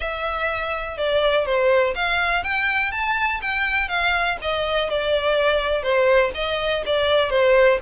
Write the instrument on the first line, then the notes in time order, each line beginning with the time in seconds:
violin
0.00 E5
0.97 D5
1.45 C5
1.95 F5
2.43 G5
2.91 A5
3.41 G5
3.88 F5
4.41 D#5
4.89 D5
5.82 C5
6.34 D#5
6.86 D5
7.30 C5